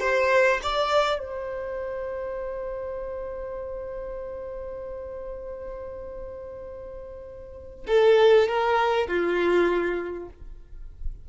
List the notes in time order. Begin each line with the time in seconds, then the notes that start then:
0.00 C5
0.63 D5
1.19 C5
7.88 A4
8.48 A#4
9.08 F4